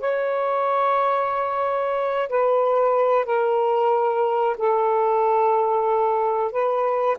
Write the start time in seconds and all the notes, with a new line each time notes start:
0.00 C#5
2.29 B4
3.25 A#4
4.57 A4
6.51 B4